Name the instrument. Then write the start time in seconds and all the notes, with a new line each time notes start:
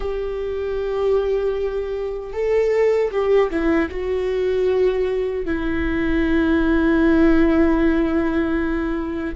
viola
0.00 G4
2.33 A4
3.11 G4
3.50 E4
3.90 F#4
5.45 E4